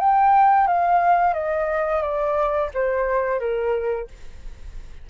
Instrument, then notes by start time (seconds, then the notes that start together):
flute
0.00 G5
0.68 F5
1.34 D#5
2.02 D5
2.74 C5
3.40 A#4